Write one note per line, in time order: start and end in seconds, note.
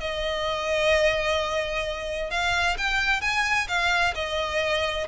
0.00 2.30 D#5
2.30 2.77 F5
2.78 3.21 G5
3.21 3.67 G#5
3.68 4.14 F5
4.15 5.07 D#5